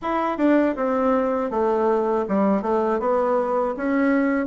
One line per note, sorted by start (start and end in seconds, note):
0.02 0.38 E4
0.38 0.75 D4
0.76 1.50 C4
1.50 2.25 A3
2.28 2.62 G3
2.62 2.99 A3
2.99 3.74 B3
3.76 4.46 C#4